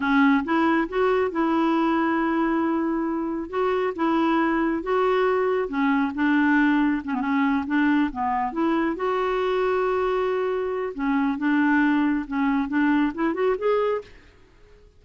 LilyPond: \new Staff \with { instrumentName = "clarinet" } { \time 4/4 \tempo 4 = 137 cis'4 e'4 fis'4 e'4~ | e'1 | fis'4 e'2 fis'4~ | fis'4 cis'4 d'2 |
cis'16 b16 cis'4 d'4 b4 e'8~ | e'8 fis'2.~ fis'8~ | fis'4 cis'4 d'2 | cis'4 d'4 e'8 fis'8 gis'4 | }